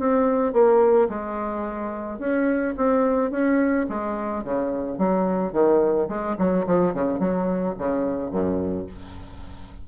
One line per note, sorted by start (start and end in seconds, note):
0.00 0.54 C4
0.54 1.09 A#3
1.09 2.19 G#3
2.19 2.75 C#4
2.78 3.31 C4
3.31 3.87 C#4
3.89 4.44 G#3
4.44 4.99 C#3
4.99 5.53 F#3
5.53 6.08 D#3
6.09 6.37 G#3
6.39 6.66 F#3
6.67 6.94 F3
6.94 7.20 C#3
7.20 7.76 F#3
7.79 8.32 C#3
8.32 8.87 F#2